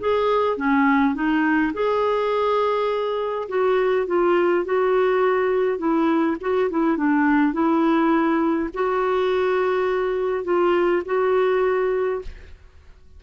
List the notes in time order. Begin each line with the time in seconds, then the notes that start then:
0.00 G#4
0.57 C#4
1.14 D#4
1.73 G#4
3.49 F#4
4.07 F4
4.65 F#4
5.78 E4
6.41 F#4
6.70 E4
6.97 D4
7.53 E4
8.74 F#4
10.44 F4
11.05 F#4